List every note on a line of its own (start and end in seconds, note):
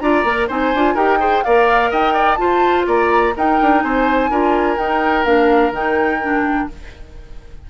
0.00 0.24 D4
0.00 0.25 F4
0.00 0.48 D5
0.00 0.48 A#5
0.24 0.48 A#3
0.24 0.49 A#4
0.48 0.74 C4
0.48 0.74 D#4
0.48 0.95 C5
0.48 0.97 G#5
0.74 0.95 D4
0.74 0.96 F4
0.95 1.43 D#4
0.95 1.19 G4
0.95 1.18 A#4
0.95 1.44 G5
1.19 1.43 G#4
1.19 1.44 C5
1.44 1.92 A#3
1.44 2.38 A#4
1.44 1.91 D5
1.44 1.91 F5
1.91 2.40 D#4
1.91 2.14 D#5
1.91 2.35 G5
2.14 2.38 D5
2.35 3.33 F4
2.35 2.87 F4
2.35 2.87 C5
2.35 2.83 A5
2.87 3.35 A#3
2.87 3.34 D5
2.87 3.36 A#5
3.36 3.61 D#4
3.36 4.31 D#4
3.36 3.84 A#4
3.36 3.82 G5
3.61 3.83 D4
3.82 4.31 C4
3.82 4.31 C5
3.82 4.77 G#5
4.31 4.78 D4
4.31 4.77 F4
4.31 6.69 A#4
4.77 5.24 D#4
4.77 5.25 D#4
4.77 5.25 G5
5.25 5.72 A#3
5.25 5.72 D4
5.25 5.73 F5
5.72 6.67 D#3
5.72 6.22 D#4
5.72 6.70 G5
6.22 6.69 D4